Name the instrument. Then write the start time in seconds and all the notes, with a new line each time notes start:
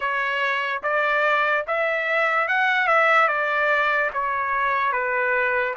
trumpet
0.00 C#5
0.83 D5
1.67 E5
2.47 F#5
2.87 E5
3.28 D5
4.13 C#5
4.92 B4